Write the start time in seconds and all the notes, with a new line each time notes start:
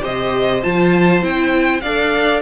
0.00 C3 G4 C5 D#5
0.62 F3 F4 A5
1.21 C4 E4 G5
1.80 D4 A4 D5 F5